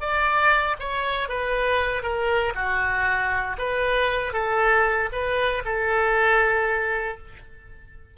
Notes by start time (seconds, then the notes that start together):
0.00 D5
0.79 C#5
1.29 B4
2.02 A#4
2.55 F#4
3.58 B4
4.33 A4
5.12 B4
5.65 A4